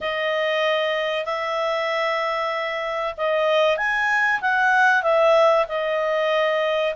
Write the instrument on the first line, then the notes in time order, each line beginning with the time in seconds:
clarinet
0.00 D#5
1.25 E5
3.17 D#5
3.77 G#5
4.41 F#5
5.02 E5
5.68 D#5